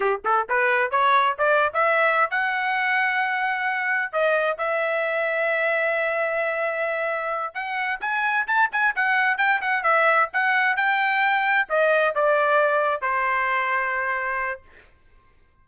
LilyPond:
\new Staff \with { instrumentName = "trumpet" } { \time 4/4 \tempo 4 = 131 g'8 a'8 b'4 cis''4 d''8. e''16~ | e''4 fis''2.~ | fis''4 dis''4 e''2~ | e''1~ |
e''8 fis''4 gis''4 a''8 gis''8 fis''8~ | fis''8 g''8 fis''8 e''4 fis''4 g''8~ | g''4. dis''4 d''4.~ | d''8 c''2.~ c''8 | }